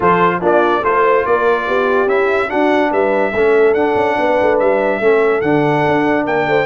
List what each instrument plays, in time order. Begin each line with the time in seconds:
0.00 tuba F3, trombone F4, horn A4, trumpet C5
0.40 tuba A#3, trombone D4, horn F4, trumpet D5
0.82 tuba A3, trombone F4, horn A4, trumpet C5
1.05 horn C5
1.25 tuba A#3, horn A#4, trumpet D5
1.66 tuba B3, horn G4
2.06 tuba C#4, trombone E4, trumpet E5
2.48 trombone D4, tuba D4, horn F#4, trumpet F#5
2.91 tuba G3, horn B4, trumpet E5
3.33 tuba A3, trombone C#4, horn A4
3.74 tuba D4, trombone D4, trumpet F#5
3.95 tuba C#4
4.16 tuba B3, horn B4
4.41 tuba A3
4.59 tuba G3, trumpet E5
5.00 tuba A3, trombone C#4, horn A4
5.41 tuba D3, trombone D4, trumpet F#5
5.87 tuba D4
6.24 tuba A#3, horn A#4, trumpet G5
6.46 tuba A3, horn C5